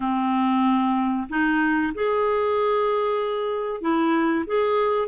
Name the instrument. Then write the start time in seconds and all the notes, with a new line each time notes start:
clarinet
0.00 C4
1.29 D#4
1.94 G#4
3.81 E4
4.46 G#4